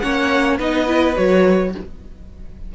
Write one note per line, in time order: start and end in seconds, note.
0.00 0.60 A#3
0.00 0.59 C#4
0.00 0.57 C#5
0.00 0.57 F#5
0.57 1.17 B3
0.57 0.86 D#4
0.57 1.71 B4
0.57 1.16 D#5
0.86 1.15 E4
1.15 1.75 F#3
1.15 1.72 F#4
1.15 1.74 C#5